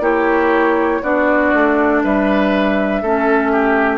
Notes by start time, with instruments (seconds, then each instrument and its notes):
0.00 bassoon A#3, clarinet E4, oboe G4, flute C#5
1.02 bassoon B3, clarinet D4, oboe F#4, flute D5
1.53 bassoon A3
2.03 bassoon G3, oboe B4, flute E5
3.02 bassoon A3, clarinet C#4, oboe A4
3.52 oboe G4